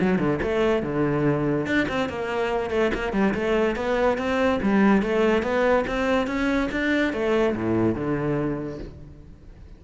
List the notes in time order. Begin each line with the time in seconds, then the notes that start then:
0.00 F#3
0.18 D3
0.42 A3
0.82 D3
1.66 D4
1.88 C4
2.09 A#3
2.70 A3
2.94 A#3
3.12 G3
3.34 A3
3.75 B3
4.17 C4
4.62 G3
5.02 A3
5.42 B3
5.87 C4
6.27 C#4
6.71 D4
7.13 A3
7.55 A2
7.95 D3